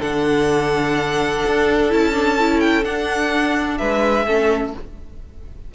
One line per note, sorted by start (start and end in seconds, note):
0.00 1.44 D3
0.00 1.90 D4
0.00 3.78 A4
0.00 1.91 F#5
1.46 1.93 D4
1.90 2.85 C#4
1.90 2.13 E4
1.90 2.60 A5
2.13 2.37 D4
2.40 2.84 E4
2.60 2.84 G5
2.84 4.25 D4
2.84 3.80 D4
2.84 3.78 F#5
3.78 4.27 G#3
3.78 4.26 B4
3.78 4.72 E5
4.27 4.74 A3
4.27 4.75 C#4
4.27 4.74 A4